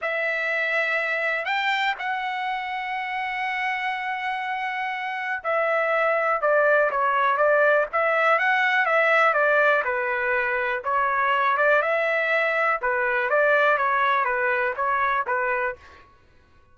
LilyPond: \new Staff \with { instrumentName = "trumpet" } { \time 4/4 \tempo 4 = 122 e''2. g''4 | fis''1~ | fis''2. e''4~ | e''4 d''4 cis''4 d''4 |
e''4 fis''4 e''4 d''4 | b'2 cis''4. d''8 | e''2 b'4 d''4 | cis''4 b'4 cis''4 b'4 | }